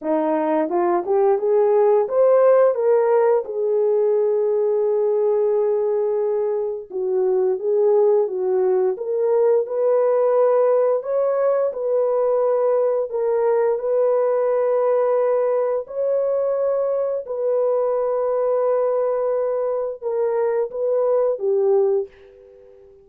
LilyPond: \new Staff \with { instrumentName = "horn" } { \time 4/4 \tempo 4 = 87 dis'4 f'8 g'8 gis'4 c''4 | ais'4 gis'2.~ | gis'2 fis'4 gis'4 | fis'4 ais'4 b'2 |
cis''4 b'2 ais'4 | b'2. cis''4~ | cis''4 b'2.~ | b'4 ais'4 b'4 g'4 | }